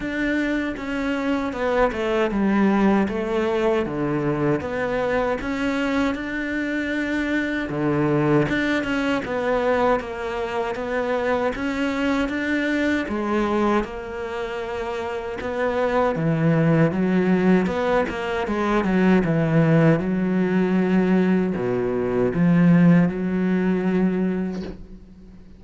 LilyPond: \new Staff \with { instrumentName = "cello" } { \time 4/4 \tempo 4 = 78 d'4 cis'4 b8 a8 g4 | a4 d4 b4 cis'4 | d'2 d4 d'8 cis'8 | b4 ais4 b4 cis'4 |
d'4 gis4 ais2 | b4 e4 fis4 b8 ais8 | gis8 fis8 e4 fis2 | b,4 f4 fis2 | }